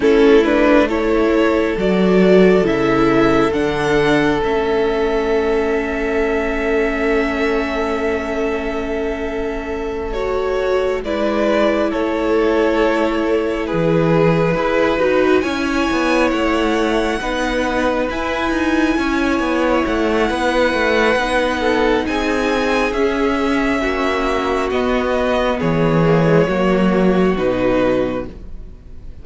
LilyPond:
<<
  \new Staff \with { instrumentName = "violin" } { \time 4/4 \tempo 4 = 68 a'8 b'8 cis''4 d''4 e''4 | fis''4 e''2.~ | e''2.~ e''8 cis''8~ | cis''8 d''4 cis''2 b'8~ |
b'4. gis''4 fis''4.~ | fis''8 gis''2 fis''4.~ | fis''4 gis''4 e''2 | dis''4 cis''2 b'4 | }
  \new Staff \with { instrumentName = "violin" } { \time 4/4 e'4 a'2.~ | a'1~ | a'1~ | a'8 b'4 a'2 gis'8~ |
gis'8 b'4 cis''2 b'8~ | b'4. cis''4. b'4~ | b'8 a'8 gis'2 fis'4~ | fis'4 gis'4 fis'2 | }
  \new Staff \with { instrumentName = "viola" } { \time 4/4 cis'8 d'8 e'4 fis'4 e'4 | d'4 cis'2.~ | cis'2.~ cis'8 fis'8~ | fis'8 e'2.~ e'8~ |
e'8 gis'8 fis'8 e'2 dis'8~ | dis'8 e'2.~ e'8 | dis'2 cis'2 | b4. ais16 gis16 ais4 dis'4 | }
  \new Staff \with { instrumentName = "cello" } { \time 4/4 a2 fis4 cis4 | d4 a2.~ | a1~ | a8 gis4 a2 e8~ |
e8 e'8 dis'8 cis'8 b8 a4 b8~ | b8 e'8 dis'8 cis'8 b8 a8 b8 a8 | b4 c'4 cis'4 ais4 | b4 e4 fis4 b,4 | }
>>